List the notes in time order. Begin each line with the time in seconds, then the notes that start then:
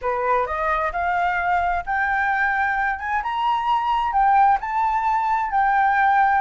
0.01 B4
0.46 D#5
0.92 F5
1.85 G5
2.99 G#5
3.22 A#5
4.12 G5
4.60 A5
5.50 G5